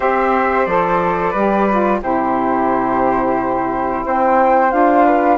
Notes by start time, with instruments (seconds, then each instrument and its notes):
0.00 bassoon C4, saxophone G4, flute C5 E5
0.65 bassoon F3, saxophone A4, flute D5
1.30 bassoon G3, saxophone G4, flute B4
1.70 saxophone F4
2.01 bassoon C3, saxophone E4, flute G4 C5
4.05 bassoon C4, flute C5 G5
4.70 bassoon D4, saxophone F4, flute F5
5.05 flute B4